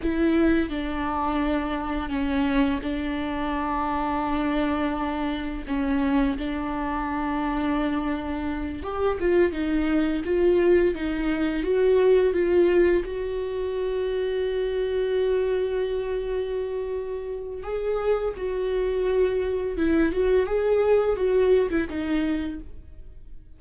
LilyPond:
\new Staff \with { instrumentName = "viola" } { \time 4/4 \tempo 4 = 85 e'4 d'2 cis'4 | d'1 | cis'4 d'2.~ | d'8 g'8 f'8 dis'4 f'4 dis'8~ |
dis'8 fis'4 f'4 fis'4.~ | fis'1~ | fis'4 gis'4 fis'2 | e'8 fis'8 gis'4 fis'8. e'16 dis'4 | }